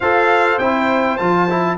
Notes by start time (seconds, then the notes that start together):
0.00 F4 A4 C5 F5
0.58 C4 E4 G5
1.17 F3 F4 A5
1.49 E4